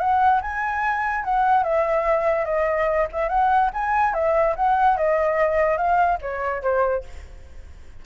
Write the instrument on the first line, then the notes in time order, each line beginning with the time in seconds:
flute
0.00 F#5
0.42 G#5
1.24 F#5
1.64 E5
2.45 D#5
3.13 E5
3.29 F#5
3.74 G#5
4.14 E5
4.56 F#5
4.97 D#5
5.78 F5
6.22 C#5
6.62 C5